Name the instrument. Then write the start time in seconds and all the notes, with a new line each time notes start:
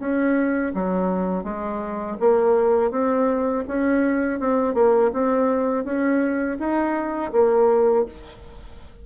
bassoon
0.00 C#4
0.75 F#3
1.44 G#3
2.20 A#3
2.91 C4
3.68 C#4
4.40 C4
4.75 A#3
5.13 C4
5.85 C#4
6.59 D#4
7.33 A#3